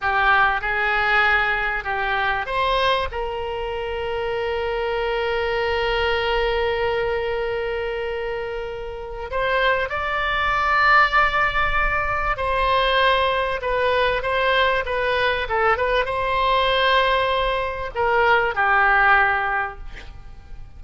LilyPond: \new Staff \with { instrumentName = "oboe" } { \time 4/4 \tempo 4 = 97 g'4 gis'2 g'4 | c''4 ais'2.~ | ais'1~ | ais'2. c''4 |
d''1 | c''2 b'4 c''4 | b'4 a'8 b'8 c''2~ | c''4 ais'4 g'2 | }